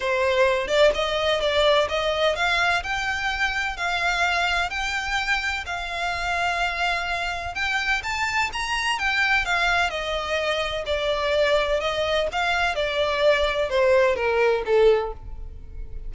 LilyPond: \new Staff \with { instrumentName = "violin" } { \time 4/4 \tempo 4 = 127 c''4. d''8 dis''4 d''4 | dis''4 f''4 g''2 | f''2 g''2 | f''1 |
g''4 a''4 ais''4 g''4 | f''4 dis''2 d''4~ | d''4 dis''4 f''4 d''4~ | d''4 c''4 ais'4 a'4 | }